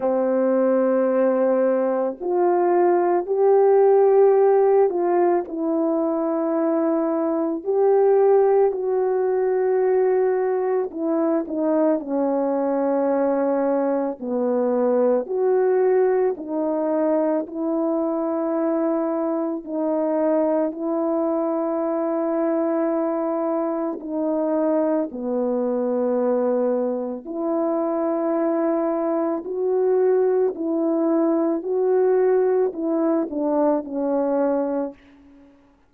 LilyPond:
\new Staff \with { instrumentName = "horn" } { \time 4/4 \tempo 4 = 55 c'2 f'4 g'4~ | g'8 f'8 e'2 g'4 | fis'2 e'8 dis'8 cis'4~ | cis'4 b4 fis'4 dis'4 |
e'2 dis'4 e'4~ | e'2 dis'4 b4~ | b4 e'2 fis'4 | e'4 fis'4 e'8 d'8 cis'4 | }